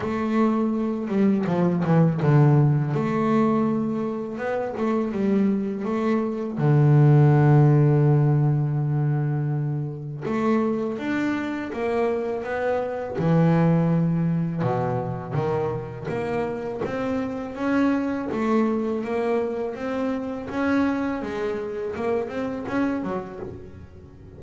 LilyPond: \new Staff \with { instrumentName = "double bass" } { \time 4/4 \tempo 4 = 82 a4. g8 f8 e8 d4 | a2 b8 a8 g4 | a4 d2.~ | d2 a4 d'4 |
ais4 b4 e2 | b,4 dis4 ais4 c'4 | cis'4 a4 ais4 c'4 | cis'4 gis4 ais8 c'8 cis'8 fis8 | }